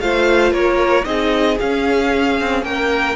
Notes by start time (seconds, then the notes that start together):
0.00 A3 F4 C5 F5
0.52 A#3 A#4 C#5
1.04 C4 D#4 G#4 D#5
1.59 C#4 F5
2.40 C4
2.62 A#3 A#4 G5